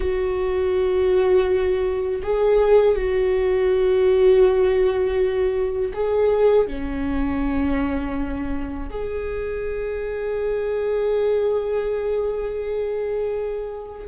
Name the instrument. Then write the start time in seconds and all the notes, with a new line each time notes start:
viola
0.00 F#4
2.22 G#4
2.95 F#4
5.93 G#4
6.67 C#4
8.90 G#4